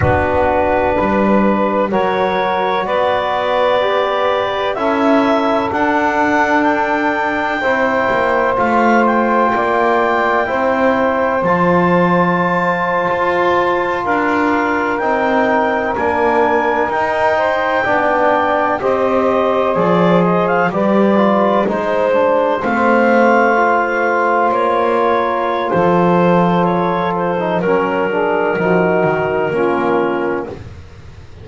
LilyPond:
<<
  \new Staff \with { instrumentName = "clarinet" } { \time 4/4 \tempo 4 = 63 b'2 cis''4 d''4~ | d''4 e''4 fis''4 g''4~ | g''4 f''8 g''2~ g''8 | a''2~ a''8. f''4 g''16~ |
g''8. gis''4 g''2 dis''16~ | dis''8. d''8 dis''16 f''16 d''4 c''4 f''16~ | f''4.~ f''16 cis''4~ cis''16 c''4 | cis''8 c''8 ais'2. | }
  \new Staff \with { instrumentName = "saxophone" } { \time 4/4 fis'4 b'4 ais'4 b'4~ | b'4 a'2. | c''2 d''4 c''4~ | c''2~ c''8. ais'4~ ais'16~ |
ais'2~ ais'16 c''8 d''4 c''16~ | c''4.~ c''16 b'4 c''4~ c''16~ | c''2~ c''16 ais'8. a'4~ | a'4 ais'8 gis'8 fis'4 f'4 | }
  \new Staff \with { instrumentName = "trombone" } { \time 4/4 d'2 fis'2 | g'4 e'4 d'2 | e'4 f'2 e'4 | f'2.~ f'8. dis'16~ |
dis'8. d'4 dis'4 d'4 g'16~ | g'8. gis'4 g'8 f'8 dis'8 d'8 c'16~ | c'8. f'2.~ f'16~ | f'8. dis'16 cis'8 d'8 dis'4 cis'4 | }
  \new Staff \with { instrumentName = "double bass" } { \time 4/4 b4 g4 fis4 b4~ | b4 cis'4 d'2 | c'8 ais8 a4 ais4 c'4 | f4.~ f16 f'4 d'4 c'16~ |
c'8. ais4 dis'4 b4 c'16~ | c'8. f4 g4 gis4 a16~ | a4.~ a16 ais4~ ais16 f4~ | f4 fis4 f8 dis8 ais4 | }
>>